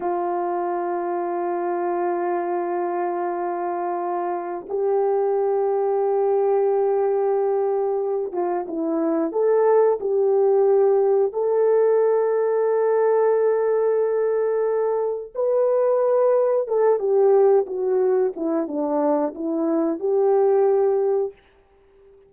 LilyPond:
\new Staff \with { instrumentName = "horn" } { \time 4/4 \tempo 4 = 90 f'1~ | f'2. g'4~ | g'1~ | g'8 f'8 e'4 a'4 g'4~ |
g'4 a'2.~ | a'2. b'4~ | b'4 a'8 g'4 fis'4 e'8 | d'4 e'4 g'2 | }